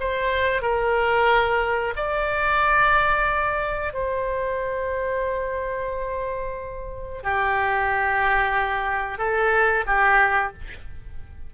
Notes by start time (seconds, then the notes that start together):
0.00 C5
0.62 A#4
1.96 D5
3.94 C5
7.23 G4
9.19 A4
9.87 G4